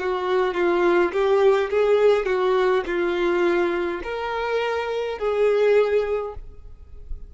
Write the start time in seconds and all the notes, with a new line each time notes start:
0.00 F#4
0.55 F4
1.13 G4
1.70 G#4
2.26 F#4
2.86 F4
4.04 A#4
5.19 G#4